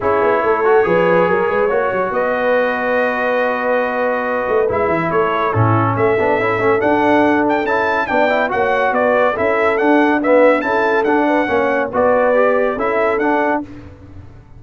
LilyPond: <<
  \new Staff \with { instrumentName = "trumpet" } { \time 4/4 \tempo 4 = 141 cis''1~ | cis''4 dis''2.~ | dis''2. e''4 | cis''4 a'4 e''2 |
fis''4. g''8 a''4 g''4 | fis''4 d''4 e''4 fis''4 | e''4 a''4 fis''2 | d''2 e''4 fis''4 | }
  \new Staff \with { instrumentName = "horn" } { \time 4/4 gis'4 a'4 b'4 ais'8 b'8 | cis''4 b'2.~ | b'1 | a'4 e'4 a'2~ |
a'2. d''4 | cis''4 b'4 a'2 | b'4 a'4. b'8 cis''4 | b'2 a'2 | }
  \new Staff \with { instrumentName = "trombone" } { \time 4/4 e'4. fis'8 gis'2 | fis'1~ | fis'2. e'4~ | e'4 cis'4. d'8 e'8 cis'8 |
d'2 e'4 d'8 e'8 | fis'2 e'4 d'4 | b4 e'4 d'4 cis'4 | fis'4 g'4 e'4 d'4 | }
  \new Staff \with { instrumentName = "tuba" } { \time 4/4 cis'8 b8 a4 f4 fis8 gis8 | ais8 fis8 b2.~ | b2~ b8 a8 gis8 e8 | a4 a,4 a8 b8 cis'8 a8 |
d'2 cis'4 b4 | ais4 b4 cis'4 d'4~ | d'4 cis'4 d'4 ais4 | b2 cis'4 d'4 | }
>>